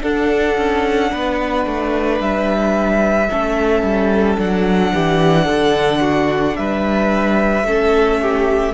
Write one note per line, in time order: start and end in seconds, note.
0.00 3.27 D4
0.00 0.57 D4
0.00 1.11 A4
0.00 2.21 F#5
0.57 1.12 C#4
1.11 1.66 B3
1.11 3.29 B4
1.66 2.20 A3
2.20 3.29 G3
2.20 4.39 E5
3.30 3.83 A3
3.30 4.37 C#4
3.30 4.93 A4
3.83 4.37 G3
4.37 4.93 F#3
4.37 7.65 D4
4.37 6.56 F#5
4.93 5.48 E3
4.93 5.45 G4
5.45 6.57 D3
5.45 5.99 A4
6.00 6.55 F#4
6.56 7.63 G3
6.56 7.66 B4
6.56 8.74 E5
7.63 8.72 A3
7.63 8.74 C#4
7.63 8.21 A4
8.21 8.74 G4